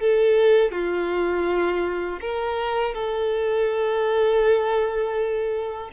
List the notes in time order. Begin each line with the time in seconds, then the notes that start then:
0.00 A4
0.71 F4
2.21 A#4
2.94 A4